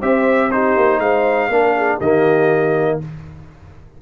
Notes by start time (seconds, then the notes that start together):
0.00 C4 G4 C5 E5
0.51 D#4 G4 C5
0.76 A#3
0.99 G#3 C5 F5
1.49 A#3 D4 A#4
1.76 G#4
1.97 D#3 A#3 G4 D#5